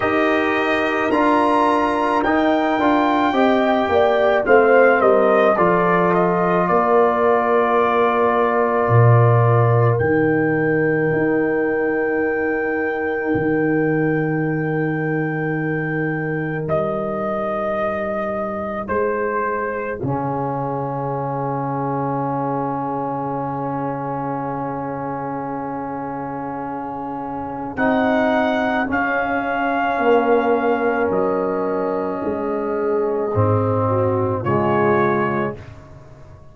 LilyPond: <<
  \new Staff \with { instrumentName = "trumpet" } { \time 4/4 \tempo 4 = 54 dis''4 ais''4 g''2 | f''8 dis''8 d''8 dis''8 d''2~ | d''4 g''2.~ | g''2. dis''4~ |
dis''4 c''4 f''2~ | f''1~ | f''4 fis''4 f''2 | dis''2. cis''4 | }
  \new Staff \with { instrumentName = "horn" } { \time 4/4 ais'2. dis''8 d''8 | c''8 ais'8 a'4 ais'2~ | ais'1~ | ais'1~ |
ais'4 gis'2.~ | gis'1~ | gis'2. ais'4~ | ais'4 gis'4. fis'8 f'4 | }
  \new Staff \with { instrumentName = "trombone" } { \time 4/4 g'4 f'4 dis'8 f'8 g'4 | c'4 f'2.~ | f'4 dis'2.~ | dis'1~ |
dis'2 cis'2~ | cis'1~ | cis'4 dis'4 cis'2~ | cis'2 c'4 gis4 | }
  \new Staff \with { instrumentName = "tuba" } { \time 4/4 dis'4 d'4 dis'8 d'8 c'8 ais8 | a8 g8 f4 ais2 | ais,4 dis4 dis'2 | dis2. g4~ |
g4 gis4 cis2~ | cis1~ | cis4 c'4 cis'4 ais4 | fis4 gis4 gis,4 cis4 | }
>>